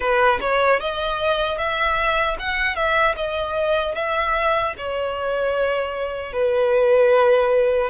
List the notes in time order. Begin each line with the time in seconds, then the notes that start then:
0.00 B4
0.40 C#5
0.80 D#5
1.58 E5
2.39 F#5
2.75 E5
3.16 D#5
3.95 E5
4.77 C#5
6.32 B4